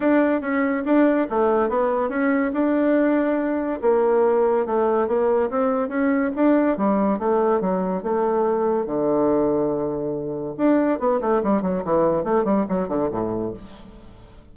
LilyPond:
\new Staff \with { instrumentName = "bassoon" } { \time 4/4 \tempo 4 = 142 d'4 cis'4 d'4 a4 | b4 cis'4 d'2~ | d'4 ais2 a4 | ais4 c'4 cis'4 d'4 |
g4 a4 fis4 a4~ | a4 d2.~ | d4 d'4 b8 a8 g8 fis8 | e4 a8 g8 fis8 d8 a,4 | }